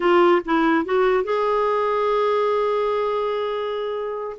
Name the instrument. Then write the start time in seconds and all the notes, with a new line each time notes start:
clarinet
0.00 F4
0.45 E4
0.85 F#4
1.24 G#4